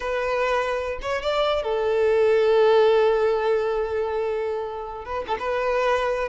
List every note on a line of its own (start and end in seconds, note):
0.00 0.99 B4
1.01 1.22 C#5
1.22 1.62 D5
1.63 5.05 A4
5.05 5.25 B4
5.27 5.37 A4
5.39 6.28 B4